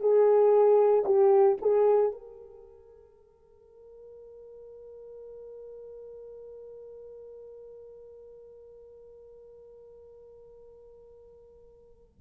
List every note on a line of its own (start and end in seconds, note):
0.00 1.03 G#4
1.05 1.57 G4
1.61 2.12 G#4
2.12 12.20 A#4